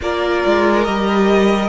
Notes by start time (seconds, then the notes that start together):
0.01 A#3 F4 A#4 D5
0.46 G#3
0.84 G3 G4 D#5